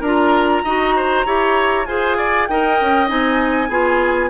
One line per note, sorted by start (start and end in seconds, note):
0.00 0.62 D4
0.00 0.65 F4
0.00 0.61 A#4
0.00 1.85 A#5
0.63 1.25 D#4
0.63 1.25 F#4
0.63 0.95 D#5
0.96 1.26 C5
1.25 1.86 E4
1.25 1.86 G4
1.25 1.87 C#5
1.85 2.47 F4
1.85 2.49 G#4
1.85 2.17 C5
1.85 2.46 G#5
2.17 2.48 D5
2.47 2.80 D#4
2.47 3.07 A#4
2.47 3.68 D#5
2.47 3.08 G5
2.80 3.10 C#4
3.07 3.69 C4
3.07 3.68 D#4
3.07 4.30 G#5
3.68 4.30 B3
3.68 4.30 F4
3.68 4.30 G#4